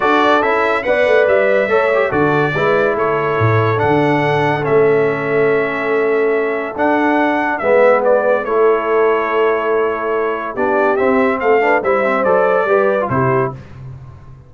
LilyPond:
<<
  \new Staff \with { instrumentName = "trumpet" } { \time 4/4 \tempo 4 = 142 d''4 e''4 fis''4 e''4~ | e''4 d''2 cis''4~ | cis''4 fis''2 e''4~ | e''1 |
fis''2 e''4 d''4 | cis''1~ | cis''4 d''4 e''4 f''4 | e''4 d''2 c''4 | }
  \new Staff \with { instrumentName = "horn" } { \time 4/4 a'2 d''2 | cis''4 a'4 b'4 a'4~ | a'1~ | a'1~ |
a'2 b'2 | a'1~ | a'4 g'2 a'8 b'8 | c''2 b'4 g'4 | }
  \new Staff \with { instrumentName = "trombone" } { \time 4/4 fis'4 e'4 b'2 | a'8 g'8 fis'4 e'2~ | e'4 d'2 cis'4~ | cis'1 |
d'2 b2 | e'1~ | e'4 d'4 c'4. d'8 | e'8 c'8 a'4 g'8. f'16 e'4 | }
  \new Staff \with { instrumentName = "tuba" } { \time 4/4 d'4 cis'4 b8 a8 g4 | a4 d4 gis4 a4 | a,4 d2 a4~ | a1 |
d'2 gis2 | a1~ | a4 b4 c'4 a4 | g4 fis4 g4 c4 | }
>>